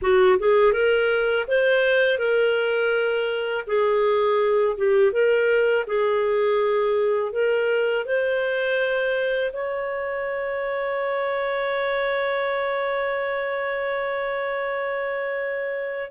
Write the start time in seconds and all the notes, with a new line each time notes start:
0.01 F#4
0.38 G#4
0.73 A#4
1.47 C5
2.18 A#4
3.67 G#4
4.77 G4
5.12 A#4
5.86 G#4
7.32 A#4
8.05 C5
9.53 C#5